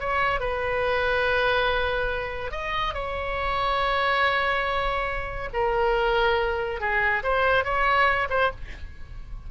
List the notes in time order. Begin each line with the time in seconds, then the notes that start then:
0.00 C#5
0.40 B4
2.51 D#5
2.94 C#5
5.53 A#4
6.80 G#4
7.23 C5
7.64 C#5
8.30 C5